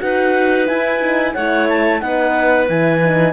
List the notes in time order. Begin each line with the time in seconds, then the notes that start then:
0.00 D#4 F#4 B4 F#5
0.67 E4 G#5
1.02 D#4
1.34 A3 E4 C#5 F#5
1.69 A5
2.00 B3 D#4 B4 F#5
2.68 E3 E4 G#5
3.04 D#4